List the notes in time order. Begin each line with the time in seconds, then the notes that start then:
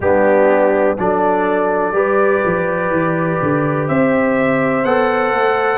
0.00 G3 B3 D4 G4
0.97 F#3 D4 A4 D5
1.91 G3 G4 B4
2.45 F3
2.90 E3
3.42 D3
3.88 C4 C5 E5
4.84 B3 A4 F#5
5.32 A3